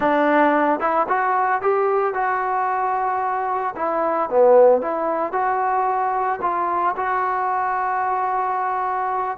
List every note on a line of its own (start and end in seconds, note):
0.00 0.80 D4
0.80 1.06 E4
1.08 1.61 F#4
1.61 2.14 G4
2.14 3.74 F#4
3.75 4.29 E4
4.29 4.81 B3
4.81 5.32 E4
5.32 6.39 F#4
6.41 6.95 F4
6.96 9.37 F#4